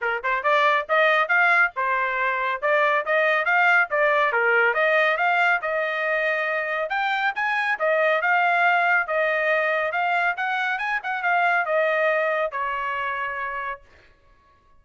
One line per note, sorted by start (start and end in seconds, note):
0.01 0.23 A#4
0.23 0.43 C5
0.43 0.86 D5
0.88 1.28 D#5
1.28 1.71 F5
1.75 2.61 C5
2.61 3.04 D5
3.05 3.45 D#5
3.45 3.88 F5
3.90 4.32 D5
4.32 4.74 A#4
4.74 5.17 D#5
5.17 5.60 F5
5.61 6.89 D#5
6.89 7.32 G5
7.35 7.78 G#5
7.79 8.21 D#5
8.21 9.07 F5
9.07 9.92 D#5
9.92 10.35 F5
10.36 10.78 F#5
10.78 11.00 G#5
11.03 11.22 F#5
11.22 11.65 F5
11.65 12.51 D#5
12.51 13.81 C#5